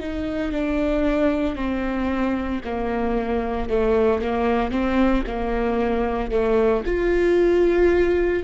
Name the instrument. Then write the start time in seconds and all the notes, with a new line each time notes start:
viola
0.00 D#4
0.52 D4
1.56 C4
2.65 A#3
3.69 A3
4.21 A#3
4.71 C4
5.27 A#3
6.31 A3
6.86 F4